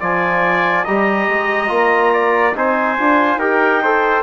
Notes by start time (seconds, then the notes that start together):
0.00 F3 F4 D5 G#5
0.85 G3 G4 D#5 A#5
1.28 G#3
1.68 A#3 F4
2.13 D5
2.55 C4 D#4 C5 G#5
2.98 D4 F4
3.36 D#4 G4 A#4 G5
3.83 A4 C5